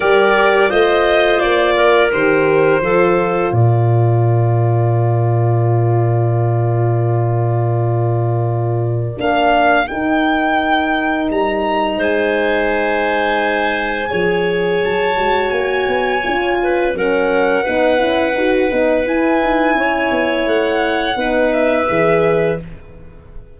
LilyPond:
<<
  \new Staff \with { instrumentName = "violin" } { \time 4/4 \tempo 4 = 85 d''4 dis''4 d''4 c''4~ | c''4 d''2.~ | d''1~ | d''4 f''4 g''2 |
ais''4 gis''2.~ | gis''4 a''4 gis''2 | fis''2. gis''4~ | gis''4 fis''4. e''4. | }
  \new Staff \with { instrumentName = "clarinet" } { \time 4/4 ais'4 c''4. ais'4. | a'4 ais'2.~ | ais'1~ | ais'1~ |
ais'4 c''2. | cis''2.~ cis''8 b'8 | ais'4 b'2. | cis''2 b'2 | }
  \new Staff \with { instrumentName = "horn" } { \time 4/4 g'4 f'2 g'4 | f'1~ | f'1~ | f'4 d'4 dis'2~ |
dis'1 | gis'4. fis'4. f'4 | cis'4 dis'8 e'8 fis'8 dis'8 e'4~ | e'2 dis'4 gis'4 | }
  \new Staff \with { instrumentName = "tuba" } { \time 4/4 g4 a4 ais4 dis4 | f4 ais,2.~ | ais,1~ | ais,4 ais4 dis'2 |
g4 gis2. | f4 fis8 gis8 ais8 b8 cis'4 | fis4 b8 cis'8 dis'8 b8 e'8 dis'8 | cis'8 b8 a4 b4 e4 | }
>>